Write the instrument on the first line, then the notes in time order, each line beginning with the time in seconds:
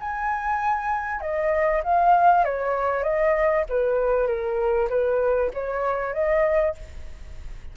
flute
0.00 G#5
1.21 D#5
1.84 F5
2.45 C#5
3.03 D#5
3.70 B4
4.27 A#4
4.90 B4
5.54 C#5
6.14 D#5